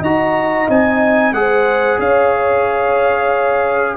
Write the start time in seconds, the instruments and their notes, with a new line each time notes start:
0.00 tuba D#4, trombone F#4, horn D#5, trumpet A#5
0.68 tuba C4, trombone D#4, trumpet G#5
1.32 tuba G#3, trombone G#4, trumpet F#5
1.39 horn C5
1.99 tuba C#4, horn C#5, trumpet F5